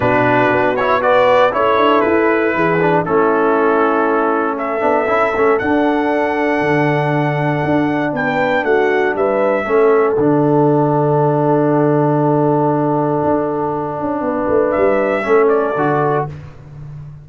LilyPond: <<
  \new Staff \with { instrumentName = "trumpet" } { \time 4/4 \tempo 4 = 118 b'4. cis''8 d''4 cis''4 | b'2 a'2~ | a'4 e''2 fis''4~ | fis''1 |
g''4 fis''4 e''2 | fis''1~ | fis''1~ | fis''4 e''4. d''4. | }
  \new Staff \with { instrumentName = "horn" } { \time 4/4 fis'2 b'4 a'4~ | a'4 gis'4 e'2~ | e'4 a'2.~ | a'1 |
b'4 fis'4 b'4 a'4~ | a'1~ | a'1 | b'2 a'2 | }
  \new Staff \with { instrumentName = "trombone" } { \time 4/4 d'4. e'8 fis'4 e'4~ | e'4. d'8 cis'2~ | cis'4. d'8 e'8 cis'8 d'4~ | d'1~ |
d'2. cis'4 | d'1~ | d'1~ | d'2 cis'4 fis'4 | }
  \new Staff \with { instrumentName = "tuba" } { \time 4/4 b,4 b2 cis'8 d'8 | e'4 e4 a2~ | a4. b8 cis'8 a8 d'4~ | d'4 d2 d'4 |
b4 a4 g4 a4 | d1~ | d2 d'4. cis'8 | b8 a8 g4 a4 d4 | }
>>